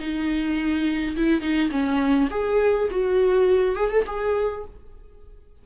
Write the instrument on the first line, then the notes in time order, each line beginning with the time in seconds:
viola
0.00 D#4
1.17 E4
1.41 D#4
1.71 C#4
2.31 G#4
2.91 F#4
3.76 G#4
3.90 A4
4.07 G#4